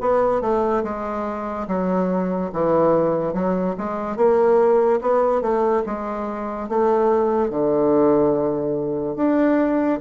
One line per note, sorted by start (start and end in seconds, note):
0.00 0.41 B3
0.41 0.83 A3
0.83 1.67 G#3
1.67 2.50 F#3
2.52 3.33 E3
3.33 3.75 F#3
3.77 4.16 G#3
4.16 5.00 A#3
5.01 5.41 B3
5.41 5.83 A3
5.86 6.68 G#3
6.68 7.50 A3
7.50 9.16 D3
9.16 9.99 D4